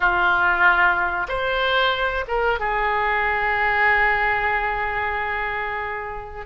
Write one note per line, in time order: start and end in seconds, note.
0.00 1.27 F4
1.28 2.25 C5
2.27 2.59 A#4
2.59 6.45 G#4